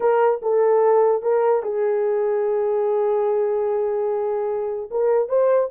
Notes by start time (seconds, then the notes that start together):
0.00 A#4
0.42 A4
1.22 A#4
1.63 G#4
4.90 A#4
5.29 C5